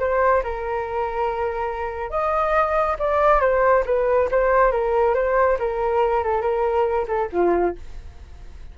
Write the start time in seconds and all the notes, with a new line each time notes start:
0.00 C5
0.44 A#4
2.11 D#5
2.99 D5
3.41 C5
3.86 B4
4.31 C5
4.72 A#4
5.15 C5
5.59 A#4
6.24 A4
6.42 A#4
7.08 A4
7.33 F4